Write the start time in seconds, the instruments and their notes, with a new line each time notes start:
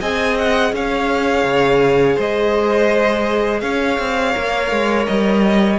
0.00 cello C4, viola G#4, violin D#5 G#5
0.38 violin F#5
0.72 cello C#4, violin C#5 F5
1.44 cello C#3
2.16 cello G#3, violin C5 D#5
3.61 cello C#4, violin C#5 F5
3.99 cello C4
4.32 cello A#3, viola A#4
4.71 cello G#3
5.06 cello G3, violin D#5